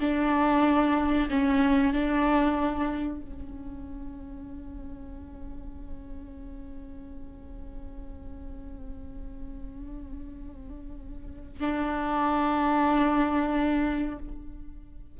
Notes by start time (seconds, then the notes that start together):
0.00 D4
1.30 C#4
1.93 D4
3.21 C#4
11.60 D4